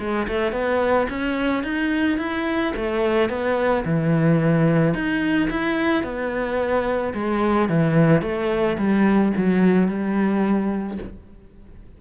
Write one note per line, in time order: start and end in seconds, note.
0.00 0.28 G#3
0.29 0.53 A3
0.53 1.08 B3
1.10 1.64 C#4
1.64 2.19 D#4
2.19 2.74 E4
2.76 3.30 A3
3.30 3.85 B3
3.85 4.95 E3
4.95 5.50 D#4
5.51 6.04 E4
6.04 7.14 B3
7.14 7.69 G#3
7.70 8.22 E3
8.22 8.77 A3
8.78 9.33 G3
9.37 9.89 F#3
9.89 10.99 G3